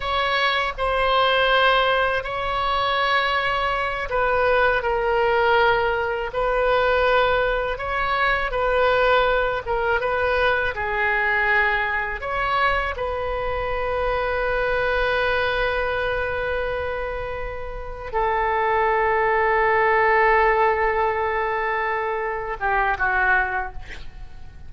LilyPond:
\new Staff \with { instrumentName = "oboe" } { \time 4/4 \tempo 4 = 81 cis''4 c''2 cis''4~ | cis''4. b'4 ais'4.~ | ais'8 b'2 cis''4 b'8~ | b'4 ais'8 b'4 gis'4.~ |
gis'8 cis''4 b'2~ b'8~ | b'1~ | b'8 a'2.~ a'8~ | a'2~ a'8 g'8 fis'4 | }